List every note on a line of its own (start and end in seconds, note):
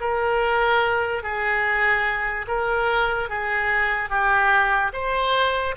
0.00 1.23 A#4
1.23 2.46 G#4
2.47 3.29 A#4
3.29 4.09 G#4
4.09 4.92 G4
4.93 5.75 C5